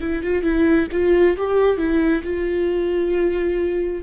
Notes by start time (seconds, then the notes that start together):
0.00 E4
0.22 F4
0.42 E4
0.92 F4
1.37 G4
1.77 E4
2.23 F4